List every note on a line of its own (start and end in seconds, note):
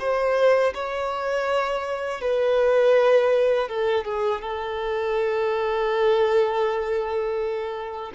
0.00 0.74 C5
0.75 2.22 C#5
2.22 3.69 B4
3.69 4.05 A4
4.05 4.42 G#4
4.42 8.12 A4